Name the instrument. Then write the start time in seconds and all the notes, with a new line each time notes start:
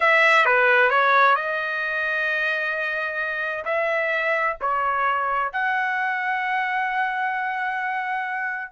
trumpet
0.00 E5
0.45 B4
0.90 C#5
1.35 D#5
3.65 E5
4.60 C#5
5.52 F#5